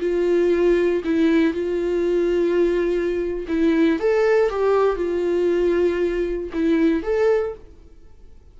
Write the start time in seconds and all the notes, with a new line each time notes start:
0.00 F4
1.04 E4
1.54 F4
3.48 E4
3.99 A4
4.50 G4
4.96 F4
6.53 E4
7.03 A4